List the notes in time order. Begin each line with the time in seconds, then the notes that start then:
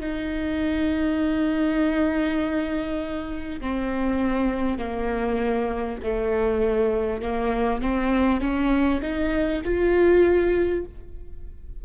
0.00 D#4
3.60 C4
4.78 A#3
6.03 A3
7.21 A#3
7.81 C4
8.40 C#4
9.02 D#4
9.64 F4